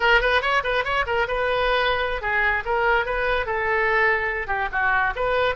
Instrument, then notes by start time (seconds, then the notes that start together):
oboe
0.00 A#4
0.21 B4
0.41 C#5
0.63 B4
0.84 C#5
1.06 A#4
1.27 B4
2.21 G#4
2.65 A#4
3.05 B4
3.46 A4
4.47 G4
4.71 F#4
5.15 B4